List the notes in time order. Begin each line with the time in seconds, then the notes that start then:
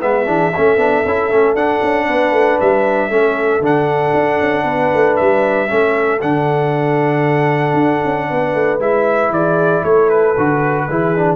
0.00 G#3 B3 B4 E5
0.26 E3 D4 G#4
0.54 A3 C#4 A4
0.77 B3 D4
1.05 C#4 E4
1.30 A3 C#4
1.54 D4 F#5
1.82 C#4
2.06 B3 B4
2.32 A3
2.60 G3 E5
3.10 A3 C#4 A4
3.60 D3 D4 F#5
4.14 D4
4.40 C#4
4.64 B3 B4
4.94 A3
5.16 G3 E5
5.68 A3 C#4 A4
6.21 D3 D4 F#5
7.73 D4
8.05 C#4
8.30 B3 B4
8.54 A3
8.79 G#3 E4 E5
9.30 E3 G#4 D5
9.82 A3 A4 C#5
10.09 B4
10.37 D3 F#4
10.87 E3 E4 G#4
11.16 D4